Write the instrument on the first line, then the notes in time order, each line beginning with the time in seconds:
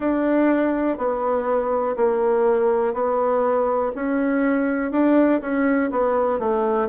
bassoon
0.00 D4
0.97 B3
1.96 A#3
2.93 B3
3.95 C#4
4.91 D4
5.41 C#4
5.91 B3
6.39 A3